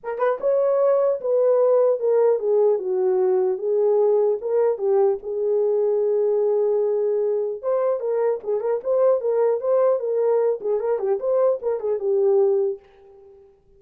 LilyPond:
\new Staff \with { instrumentName = "horn" } { \time 4/4 \tempo 4 = 150 ais'8 b'8 cis''2 b'4~ | b'4 ais'4 gis'4 fis'4~ | fis'4 gis'2 ais'4 | g'4 gis'2.~ |
gis'2. c''4 | ais'4 gis'8 ais'8 c''4 ais'4 | c''4 ais'4. gis'8 ais'8 g'8 | c''4 ais'8 gis'8 g'2 | }